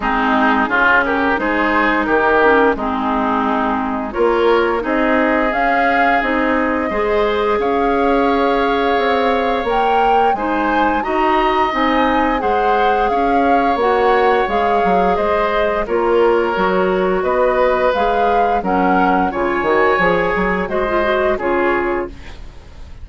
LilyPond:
<<
  \new Staff \with { instrumentName = "flute" } { \time 4/4 \tempo 4 = 87 gis'4. ais'8 c''4 ais'4 | gis'2 cis''4 dis''4 | f''4 dis''2 f''4~ | f''2 g''4 gis''4 |
ais''4 gis''4 fis''4 f''4 | fis''4 f''4 dis''4 cis''4~ | cis''4 dis''4 f''4 fis''4 | gis''2 dis''4 cis''4 | }
  \new Staff \with { instrumentName = "oboe" } { \time 4/4 dis'4 f'8 g'8 gis'4 g'4 | dis'2 ais'4 gis'4~ | gis'2 c''4 cis''4~ | cis''2. c''4 |
dis''2 c''4 cis''4~ | cis''2 c''4 ais'4~ | ais'4 b'2 ais'4 | cis''2 c''4 gis'4 | }
  \new Staff \with { instrumentName = "clarinet" } { \time 4/4 c'4 cis'4 dis'4. cis'8 | c'2 f'4 dis'4 | cis'4 dis'4 gis'2~ | gis'2 ais'4 dis'4 |
fis'4 dis'4 gis'2 | fis'4 gis'2 f'4 | fis'2 gis'4 cis'4 | f'8 fis'8 gis'4 fis'16 f'16 fis'8 f'4 | }
  \new Staff \with { instrumentName = "bassoon" } { \time 4/4 gis4 cis4 gis4 dis4 | gis2 ais4 c'4 | cis'4 c'4 gis4 cis'4~ | cis'4 c'4 ais4 gis4 |
dis'4 c'4 gis4 cis'4 | ais4 gis8 fis8 gis4 ais4 | fis4 b4 gis4 fis4 | cis8 dis8 f8 fis8 gis4 cis4 | }
>>